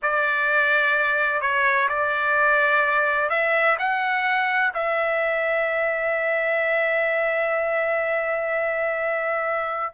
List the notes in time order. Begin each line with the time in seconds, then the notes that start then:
0.02 D5
1.41 C#5
1.88 D5
3.29 E5
3.78 F#5
4.74 E5